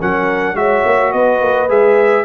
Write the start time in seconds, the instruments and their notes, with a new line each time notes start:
0.00 tuba F#3, trombone C#4, horn A#4, trumpet F#5
0.54 tuba G#3, trombone F#4, horn C#5, trumpet E5
0.85 tuba A#3
1.12 tuba B3, horn B4, trumpet D#5
1.41 tuba A#3
1.69 tuba G#3, trombone G#4, trumpet E5